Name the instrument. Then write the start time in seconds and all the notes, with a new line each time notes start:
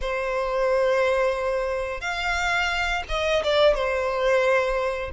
violin
0.01 C5
2.01 F5
3.08 D#5
3.43 D5
3.74 C5